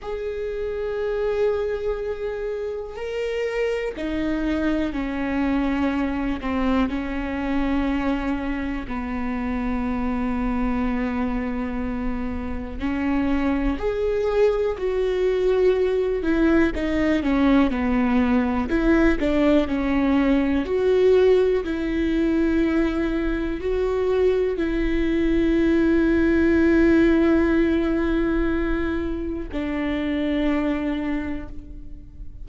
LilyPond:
\new Staff \with { instrumentName = "viola" } { \time 4/4 \tempo 4 = 61 gis'2. ais'4 | dis'4 cis'4. c'8 cis'4~ | cis'4 b2.~ | b4 cis'4 gis'4 fis'4~ |
fis'8 e'8 dis'8 cis'8 b4 e'8 d'8 | cis'4 fis'4 e'2 | fis'4 e'2.~ | e'2 d'2 | }